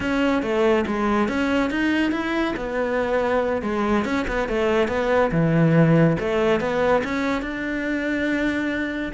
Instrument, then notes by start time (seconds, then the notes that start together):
cello
0.00 C#4
0.42 A3
0.86 G#3
1.28 C#4
1.70 D#4
2.11 E4
2.56 B3
3.62 G#3
4.04 C#4
4.27 B3
4.48 A3
4.88 B3
5.31 E3
6.19 A3
6.60 B3
7.03 C#4
7.42 D4